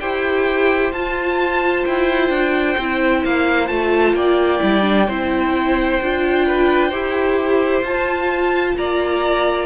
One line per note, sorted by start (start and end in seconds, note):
0.00 0.93 E4
0.00 0.94 G4
0.00 4.16 C5
0.00 0.92 G5
0.93 1.85 F4
0.93 2.80 F4
0.93 1.85 A5
1.86 2.30 E4
1.86 3.24 G5
2.30 2.76 D4
2.78 3.24 C4
2.78 3.68 E4
3.25 3.70 A#3
3.25 3.68 F5
3.68 4.14 A3
3.68 4.59 F4
3.68 4.14 A5
4.14 4.60 A#3
4.14 5.08 D5
4.14 7.85 G5
4.59 5.09 G3
4.59 4.82 E4
4.82 5.05 D4
5.08 6.01 C4
5.08 6.02 E4
5.08 6.46 C5
6.01 6.92 D4
6.01 6.92 F4
6.47 6.89 B4
6.89 7.83 E4
6.89 7.84 G4
6.89 8.74 C5
7.83 8.75 F4
7.83 9.67 F4
7.83 8.78 A5
8.78 9.67 A#3
8.78 9.67 D5
8.78 9.67 A#5